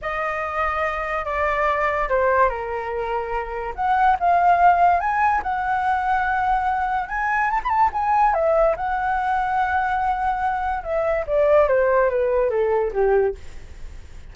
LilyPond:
\new Staff \with { instrumentName = "flute" } { \time 4/4 \tempo 4 = 144 dis''2. d''4~ | d''4 c''4 ais'2~ | ais'4 fis''4 f''2 | gis''4 fis''2.~ |
fis''4 gis''4 a''16 b''16 a''8 gis''4 | e''4 fis''2.~ | fis''2 e''4 d''4 | c''4 b'4 a'4 g'4 | }